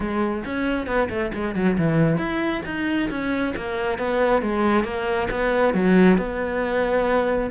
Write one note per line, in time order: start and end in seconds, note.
0.00 0.44 G#3
0.45 0.86 C#4
0.86 1.08 B3
1.09 1.31 A3
1.34 1.55 G#3
1.55 1.77 F#3
1.78 2.17 E3
2.17 2.61 E4
2.65 3.09 D#4
3.10 3.54 C#4
3.56 3.98 A#3
3.98 4.42 B3
4.42 4.84 G#3
4.84 5.28 A#3
5.30 5.74 B3
5.74 6.17 F#3
6.17 7.49 B3